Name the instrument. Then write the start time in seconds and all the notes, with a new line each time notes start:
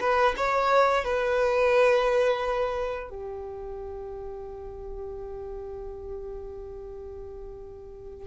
violin
0.00 B4
0.36 C#5
1.04 B4
3.10 G4